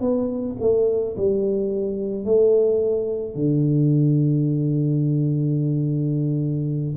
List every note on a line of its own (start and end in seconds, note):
0.00 0.56 B3
0.60 1.16 A3
1.16 2.25 G3
2.25 3.34 A3
3.34 6.95 D3